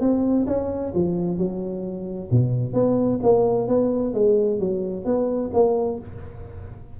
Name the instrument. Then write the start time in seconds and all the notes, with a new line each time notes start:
tuba
0.00 C4
0.46 C#4
0.94 F3
1.37 F#3
2.30 B2
2.73 B3
3.22 A#3
3.68 B3
4.13 G#3
4.59 F#3
5.05 B3
5.53 A#3